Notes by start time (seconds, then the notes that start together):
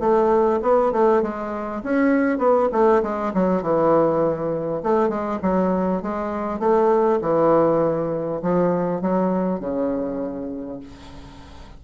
0.00 A3
0.63 B3
0.92 A3
1.22 G#3
1.84 C#4
2.39 B3
2.72 A3
3.03 G#3
3.34 F#3
3.62 E3
4.83 A3
5.09 G#3
5.42 F#3
6.02 G#3
6.60 A3
7.22 E3
8.42 F3
9.02 F#3
9.60 C#3